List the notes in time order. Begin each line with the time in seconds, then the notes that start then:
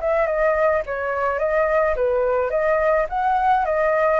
0.00 E5
0.26 D#5
0.86 C#5
1.38 D#5
1.96 B4
2.50 D#5
3.09 F#5
3.65 D#5